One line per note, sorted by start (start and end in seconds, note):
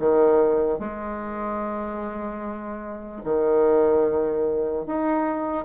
0.00 0.79 D#3
0.79 3.22 G#3
3.24 4.86 D#3
4.86 5.65 D#4